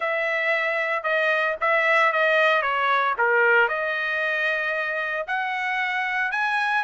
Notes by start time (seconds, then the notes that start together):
0.00 E5
1.03 D#5
1.60 E5
2.12 D#5
2.61 C#5
3.18 A#4
3.68 D#5
5.27 F#5
6.31 G#5